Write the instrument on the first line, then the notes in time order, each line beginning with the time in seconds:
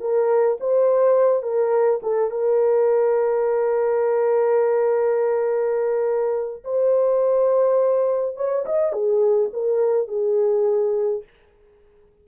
horn
0.00 A#4
0.60 C5
1.42 A#4
2.02 A4
2.31 A#4
6.64 C5
8.36 C#5
8.65 D#5
8.92 G#4
9.52 A#4
10.08 G#4